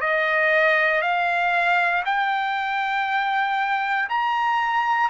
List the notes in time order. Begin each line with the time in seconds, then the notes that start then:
0.00 D#5
1.01 F5
2.05 G5
4.09 A#5